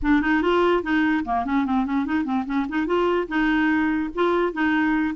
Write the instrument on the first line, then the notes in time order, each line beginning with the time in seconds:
clarinet
0.02 D4
0.21 D#4
0.42 F4
0.83 D#4
1.24 A#3
1.45 C#4
1.65 C4
1.85 C#4
2.05 D#4
2.24 C4
2.46 C#4
2.68 D#4
2.86 F4
3.27 D#4
4.14 F4
4.53 D#4